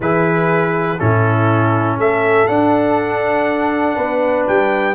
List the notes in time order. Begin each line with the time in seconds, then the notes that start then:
0.00 E3 E4 G#4 B4
0.98 A2 C#4 E4 A4
1.98 A3 A4 E5
2.47 D4 F#5
3.96 B3 B4
4.47 G3 G5